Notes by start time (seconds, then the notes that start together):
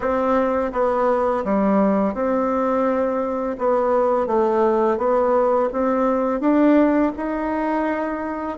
0.00 C4
0.72 B3
1.44 G3
2.14 C4
3.58 B3
4.27 A3
4.97 B3
5.72 C4
6.40 D4
7.16 D#4